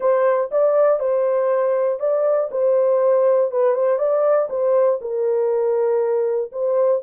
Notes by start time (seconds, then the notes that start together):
0.00 C5
0.51 D5
0.99 C5
1.99 D5
2.51 C5
3.51 B4
3.74 C5
3.98 D5
4.49 C5
5.01 A#4
6.52 C5